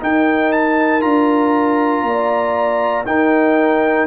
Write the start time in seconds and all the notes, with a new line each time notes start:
0.00 D#4 A#4 G5
0.52 A5
1.00 D4 F4 A#5
2.02 A#3 D5
3.05 D#4 A#4 G5